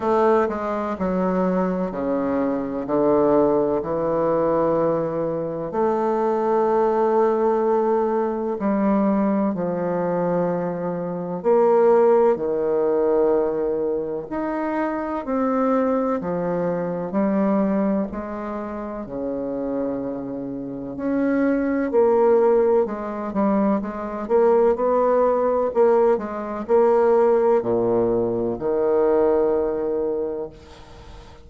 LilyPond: \new Staff \with { instrumentName = "bassoon" } { \time 4/4 \tempo 4 = 63 a8 gis8 fis4 cis4 d4 | e2 a2~ | a4 g4 f2 | ais4 dis2 dis'4 |
c'4 f4 g4 gis4 | cis2 cis'4 ais4 | gis8 g8 gis8 ais8 b4 ais8 gis8 | ais4 ais,4 dis2 | }